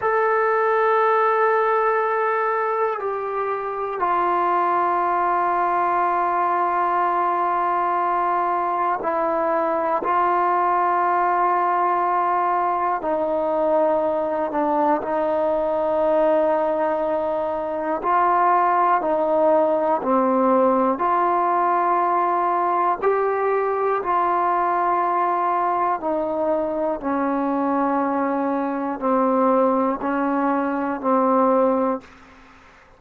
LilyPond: \new Staff \with { instrumentName = "trombone" } { \time 4/4 \tempo 4 = 60 a'2. g'4 | f'1~ | f'4 e'4 f'2~ | f'4 dis'4. d'8 dis'4~ |
dis'2 f'4 dis'4 | c'4 f'2 g'4 | f'2 dis'4 cis'4~ | cis'4 c'4 cis'4 c'4 | }